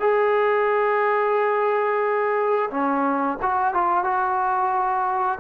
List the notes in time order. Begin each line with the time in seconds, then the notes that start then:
0.00 G#4
2.71 C#4
3.42 F#4
3.74 F4
4.04 F#4